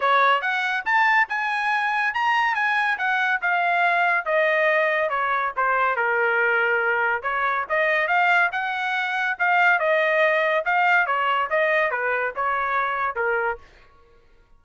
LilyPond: \new Staff \with { instrumentName = "trumpet" } { \time 4/4 \tempo 4 = 141 cis''4 fis''4 a''4 gis''4~ | gis''4 ais''4 gis''4 fis''4 | f''2 dis''2 | cis''4 c''4 ais'2~ |
ais'4 cis''4 dis''4 f''4 | fis''2 f''4 dis''4~ | dis''4 f''4 cis''4 dis''4 | b'4 cis''2 ais'4 | }